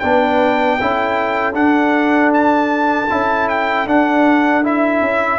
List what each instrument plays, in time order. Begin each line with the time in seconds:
0.00 tuba B3, trombone D4, horn B4, trumpet G5
0.80 tuba C#4, trombone E4, horn A4
1.54 trombone D4, tuba D4, trumpet F#5
2.34 trumpet A5
3.11 tuba C#4, trombone E4
3.49 trumpet G5
3.87 tuba D4, trombone D4, trumpet F#5
4.64 trombone E4, trumpet E5
5.02 tuba C#4